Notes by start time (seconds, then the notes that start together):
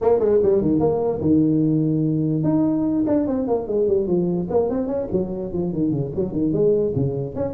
0.01 A#3
0.19 G#3
0.42 G3
0.61 D#3
0.79 A#3
1.21 D#3
2.43 D#4
3.06 D4
3.27 C4
3.47 A#3
3.67 G#3
3.87 G3
4.07 F3
4.50 A#3
4.69 C4
4.87 C#4
5.12 F#3
5.52 F3
5.73 D#3
5.91 C#3
6.15 F#3
6.32 D#3
6.52 G#3
6.95 C#3
7.35 C#4